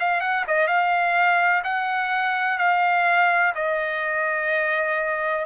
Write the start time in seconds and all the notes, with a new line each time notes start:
0.00 F5
0.21 F#5
0.48 D#5
0.68 F5
1.64 F#5
2.59 F5
3.56 D#5